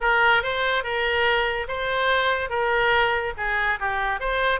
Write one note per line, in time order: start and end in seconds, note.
0.01 0.42 A#4
0.42 0.83 C5
0.83 1.67 A#4
1.67 2.49 C5
2.49 3.33 A#4
3.37 3.79 G#4
3.79 4.20 G4
4.20 4.60 C5